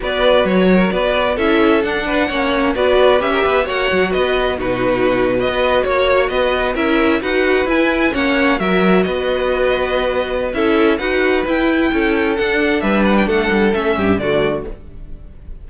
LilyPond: <<
  \new Staff \with { instrumentName = "violin" } { \time 4/4 \tempo 4 = 131 d''4 cis''4 d''4 e''4 | fis''2 d''4 e''4 | fis''4 dis''4 b'4.~ b'16 dis''16~ | dis''8. cis''4 dis''4 e''4 fis''16~ |
fis''8. gis''4 fis''4 e''4 dis''16~ | dis''2. e''4 | fis''4 g''2 fis''4 | e''8 fis''16 g''16 fis''4 e''4 d''4 | }
  \new Staff \with { instrumentName = "violin" } { \time 4/4 b'4. ais'8 b'4 a'4~ | a'8 b'8 cis''4 b'4~ b'16 ais'16 b'8 | cis''4 b'4 fis'4.~ fis'16 b'16~ | b'8. cis''4 b'4 ais'4 b'16~ |
b'4.~ b'16 cis''4 ais'4 b'16~ | b'2. a'4 | b'2 a'2 | b'4 a'4. g'8 fis'4 | }
  \new Staff \with { instrumentName = "viola" } { \time 4/4 fis'2. e'4 | d'4 cis'4 fis'4 g'4 | fis'2 dis'4.~ dis'16 fis'16~ | fis'2~ fis'8. e'4 fis'16~ |
fis'8. e'4 cis'4 fis'4~ fis'16~ | fis'2. e'4 | fis'4 e'2 d'4~ | d'2 cis'4 a4 | }
  \new Staff \with { instrumentName = "cello" } { \time 4/4 b4 fis4 b4 cis'4 | d'4 ais4 b4 cis'8 b8 | ais8 fis8 b4 b,2 | b8. ais4 b4 cis'4 dis'16~ |
dis'8. e'4 ais4 fis4 b16~ | b2. cis'4 | dis'4 e'4 cis'4 d'4 | g4 a8 g8 a8 g,8 d4 | }
>>